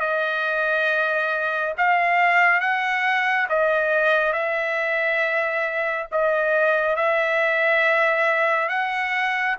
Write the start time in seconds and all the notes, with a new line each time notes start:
0.00 D#5
1.78 F5
2.60 F#5
3.49 D#5
4.33 E5
6.12 D#5
6.96 E5
8.69 F#5